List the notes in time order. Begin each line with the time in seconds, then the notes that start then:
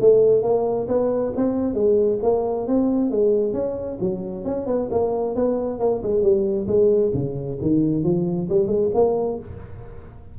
0.00 A3
0.42 A#3
0.88 B3
1.36 C4
1.74 G#3
2.22 A#3
2.67 C4
3.11 G#3
3.53 C#4
4.00 F#3
4.45 C#4
4.66 B3
4.90 A#3
5.35 B3
5.79 A#3
6.02 G#3
6.22 G3
6.67 G#3
7.13 C#3
7.61 D#3
8.03 F3
8.49 G3
8.67 G#3
8.93 A#3